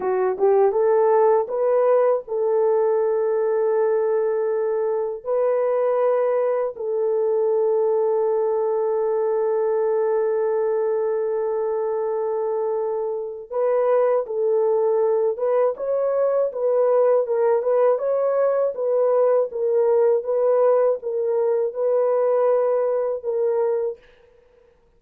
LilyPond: \new Staff \with { instrumentName = "horn" } { \time 4/4 \tempo 4 = 80 fis'8 g'8 a'4 b'4 a'4~ | a'2. b'4~ | b'4 a'2.~ | a'1~ |
a'2 b'4 a'4~ | a'8 b'8 cis''4 b'4 ais'8 b'8 | cis''4 b'4 ais'4 b'4 | ais'4 b'2 ais'4 | }